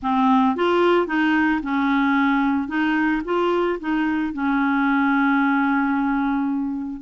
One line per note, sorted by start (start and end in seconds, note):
0.02 0.56 C4
0.56 1.06 F4
1.06 1.60 D#4
1.62 2.68 C#4
2.68 3.22 D#4
3.25 3.79 F4
3.80 4.33 D#4
4.33 7.01 C#4